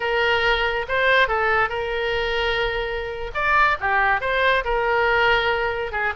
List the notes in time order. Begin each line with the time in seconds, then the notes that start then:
0.00 A#4
0.88 C5
1.27 A4
1.69 A#4
3.34 D5
3.80 G4
4.21 C5
4.64 A#4
5.92 G#4